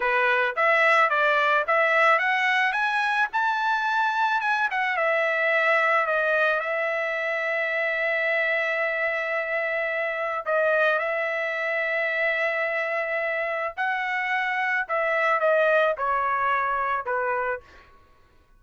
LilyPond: \new Staff \with { instrumentName = "trumpet" } { \time 4/4 \tempo 4 = 109 b'4 e''4 d''4 e''4 | fis''4 gis''4 a''2 | gis''8 fis''8 e''2 dis''4 | e''1~ |
e''2. dis''4 | e''1~ | e''4 fis''2 e''4 | dis''4 cis''2 b'4 | }